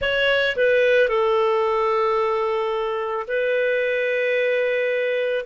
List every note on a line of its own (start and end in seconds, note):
0.01 0.56 C#5
0.56 1.08 B4
1.08 3.26 A4
3.27 5.45 B4